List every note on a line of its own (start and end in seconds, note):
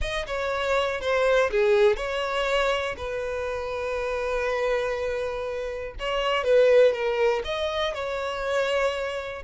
0.01 0.25 D#5
0.27 1.00 C#5
1.00 1.50 C5
1.50 1.96 G#4
1.96 2.95 C#5
2.97 5.94 B4
5.99 6.44 C#5
6.44 6.92 B4
6.92 7.42 A#4
7.44 7.93 D#5
7.93 9.42 C#5